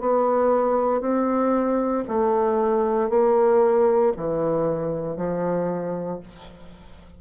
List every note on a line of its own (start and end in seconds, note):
0.00 1.01 B3
1.01 2.04 C4
2.08 3.09 A3
3.09 4.13 A#3
4.17 5.16 E3
5.16 6.20 F3